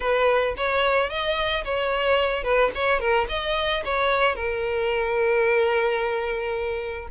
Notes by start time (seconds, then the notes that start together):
0.00 B4
0.56 C#5
1.09 D#5
1.64 C#5
2.43 B4
2.74 C#5
3.00 A#4
3.29 D#5
3.85 C#5
4.35 A#4